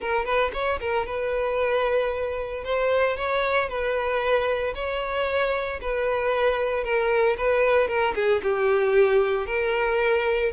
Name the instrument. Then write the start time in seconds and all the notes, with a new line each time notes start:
violin
0.00 A#4
0.25 B4
0.53 C#5
0.80 A#4
1.06 B4
2.64 C5
3.17 C#5
3.68 B4
4.74 C#5
5.81 B4
6.83 A#4
7.37 B4
7.88 A#4
8.15 G#4
8.42 G4
9.46 A#4